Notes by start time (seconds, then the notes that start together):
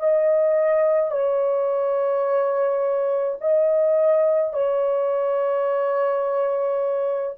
0.00 D#5
1.11 C#5
3.41 D#5
4.53 C#5